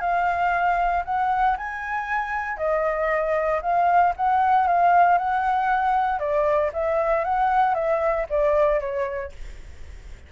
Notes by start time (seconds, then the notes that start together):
0.00 F5
1.05 F#5
1.57 G#5
2.57 D#5
3.62 F5
4.16 F#5
4.67 F5
5.17 F#5
6.19 D5
6.73 E5
7.24 F#5
7.74 E5
8.29 D5
8.80 C#5